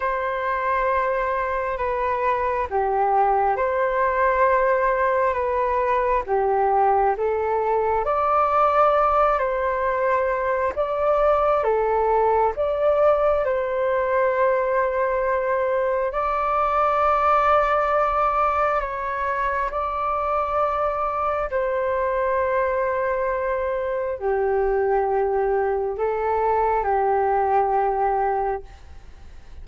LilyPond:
\new Staff \with { instrumentName = "flute" } { \time 4/4 \tempo 4 = 67 c''2 b'4 g'4 | c''2 b'4 g'4 | a'4 d''4. c''4. | d''4 a'4 d''4 c''4~ |
c''2 d''2~ | d''4 cis''4 d''2 | c''2. g'4~ | g'4 a'4 g'2 | }